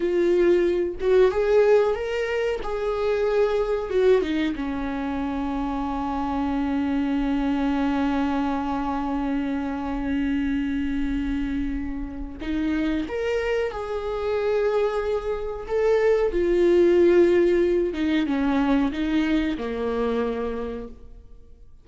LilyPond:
\new Staff \with { instrumentName = "viola" } { \time 4/4 \tempo 4 = 92 f'4. fis'8 gis'4 ais'4 | gis'2 fis'8 dis'8 cis'4~ | cis'1~ | cis'1~ |
cis'2. dis'4 | ais'4 gis'2. | a'4 f'2~ f'8 dis'8 | cis'4 dis'4 ais2 | }